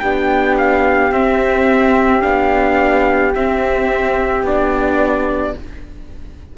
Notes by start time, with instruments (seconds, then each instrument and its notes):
0.00 cello B3, viola D4, flute G4, trumpet G5
0.58 trumpet F5
1.12 viola C4, cello C4, trumpet E5
2.22 cello B3, viola D4, trumpet F5
3.35 viola C4, cello C4, trumpet E5
4.43 cello B3, viola D4, trumpet D5